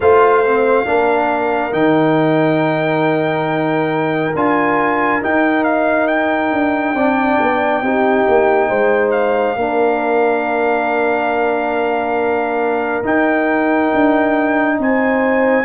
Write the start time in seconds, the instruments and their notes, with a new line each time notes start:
0.00 tuba A3, trombone F4, horn C5, trumpet F5
0.45 trombone C4
0.85 tuba A#3, trombone D4, horn A#4
1.71 tuba D#3, trombone D#4, trumpet G5
4.35 tuba D4, trombone F4, trumpet G#5
5.21 trombone D#4, tuba D#4, trumpet G5
5.63 trumpet F5
6.07 trumpet G5
6.52 tuba D4
6.94 tuba C4, trombone D4, horn D5
7.40 tuba B3
7.81 tuba C4, trombone D#4, horn G4
8.28 tuba A#3
8.68 tuba G#3, horn C5
9.11 trumpet F5
9.55 tuba A#3, trombone D4, horn A#4
13.03 trombone D#4, tuba D#4, trumpet G5
13.94 tuba D4
14.78 tuba C4, horn C5, trumpet G#5